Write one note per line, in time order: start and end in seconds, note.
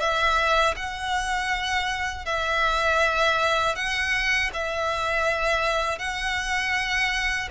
0.00 0.75 E5
0.76 2.26 F#5
2.26 3.76 E5
3.76 4.51 F#5
4.54 5.99 E5
5.99 7.49 F#5